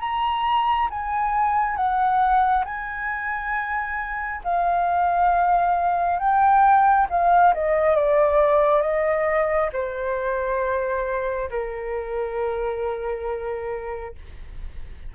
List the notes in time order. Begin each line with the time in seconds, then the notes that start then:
0.00 A#5
0.90 G#5
1.76 F#5
2.65 G#5
4.44 F5
6.19 G5
7.09 F5
7.54 D#5
7.96 D5
8.82 D#5
9.73 C5
11.50 A#4